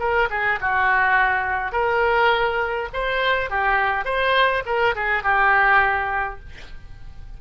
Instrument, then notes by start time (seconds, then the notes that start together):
oboe
0.00 A#4
0.30 G#4
0.61 F#4
1.72 A#4
2.94 C5
3.51 G4
4.05 C5
4.66 A#4
4.95 G#4
5.23 G4